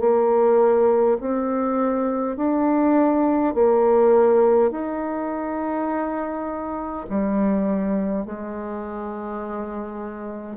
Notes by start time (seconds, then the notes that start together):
0.00 A#3
1.20 C4
2.37 D4
3.55 A#3
4.72 D#4
7.10 G3
8.26 G#3